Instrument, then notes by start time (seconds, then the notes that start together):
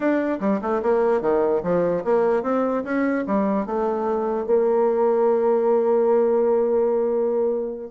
bassoon
0.00 D4
0.40 G3
0.61 A3
0.82 A#3
1.21 D#3
1.63 F3
2.04 A#3
2.43 C4
2.84 C#4
3.26 G3
3.66 A3
4.46 A#3